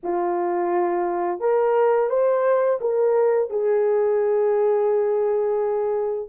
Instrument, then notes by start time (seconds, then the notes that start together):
horn
0.03 F4
1.40 A#4
2.09 C5
2.80 A#4
3.49 G#4